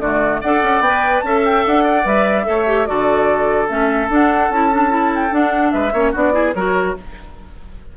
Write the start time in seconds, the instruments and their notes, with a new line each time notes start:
0.00 bassoon D3, clarinet A3, oboe F#4, flute D5
0.41 bassoon D4, clarinet A4, oboe D5, flute F#5
0.63 bassoon C#4
0.81 bassoon B3, clarinet B4, flute G5
1.20 bassoon C#4, flute A5
1.26 clarinet A4, oboe E5
1.45 flute G5
1.67 bassoon D4, flute F#5
1.84 oboe D5
2.05 bassoon G3, clarinet B4, flute E5
2.45 bassoon A3, clarinet A4, oboe C#5
2.67 clarinet G4
2.86 bassoon D3, clarinet F#4, oboe A4, flute D5
3.69 bassoon A3, clarinet C#4, flute E5
4.10 bassoon D4, clarinet D4, flute F#5
4.50 bassoon C#4, clarinet E4, flute A5
4.72 clarinet D4
4.90 clarinet E4
5.15 flute G5
5.31 clarinet D4, bassoon D4, flute F#5
5.72 bassoon G#3, oboe B4, flute E5
5.93 bassoon A#3, clarinet C#4, oboe C#5
6.12 bassoon B3, clarinet D4, oboe F#4, flute D5
6.33 clarinet E4, oboe G#4
6.54 bassoon F#3, clarinet F#4, oboe A#4, flute C#5